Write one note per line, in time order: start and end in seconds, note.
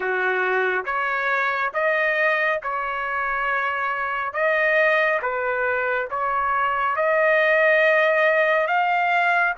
0.00 0.85 F#4
0.85 1.72 C#5
1.73 2.60 D#5
2.62 4.33 C#5
4.33 5.20 D#5
5.22 6.09 B4
6.10 6.96 C#5
6.96 8.67 D#5
8.67 9.54 F5